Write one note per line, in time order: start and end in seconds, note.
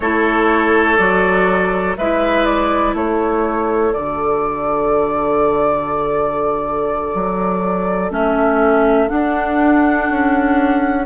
0.00 0.98 A3
0.00 0.98 E4
0.00 1.97 A4
0.00 0.97 C#5
0.97 1.96 F#3
0.97 1.96 F#4
0.97 1.95 D5
1.97 2.94 G#3
1.97 3.94 E4
1.97 2.95 B4
1.97 2.44 E5
2.44 2.93 D5
2.94 3.92 A3
2.94 11.05 A4
2.94 3.93 C#5
3.93 7.14 D3
3.93 8.10 F#4
3.93 8.11 D5
7.14 8.10 F#3
8.10 9.08 A3
8.10 9.08 C#4
8.10 9.08 E5
9.08 11.05 D4
9.08 10.09 D4
9.08 11.05 F#5
10.09 11.05 C#4